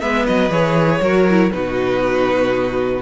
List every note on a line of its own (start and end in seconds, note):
0.00 0.26 G#3
0.00 0.50 B3
0.00 1.01 B4
0.00 0.25 E5
0.26 0.49 F#3
0.26 0.51 D#5
0.49 0.99 E3
0.49 1.00 G#4
0.49 1.51 C#5
1.01 1.51 F#3
1.01 1.27 F#4
1.01 1.52 A#4
1.29 1.51 E4
1.51 3.01 B2
1.51 3.01 D#4
1.51 3.01 F#4
1.51 3.01 B4